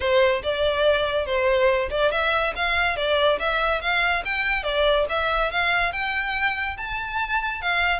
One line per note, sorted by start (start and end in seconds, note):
0.00 0.42 C5
0.43 1.26 D5
1.26 1.89 C5
1.90 2.11 D5
2.11 2.53 E5
2.55 2.96 F5
2.96 3.38 D5
3.39 3.81 E5
3.81 4.23 F5
4.24 4.63 G5
4.63 5.05 D5
5.09 5.51 E5
5.51 5.92 F5
5.92 6.76 G5
6.77 7.61 A5
7.61 8.00 F5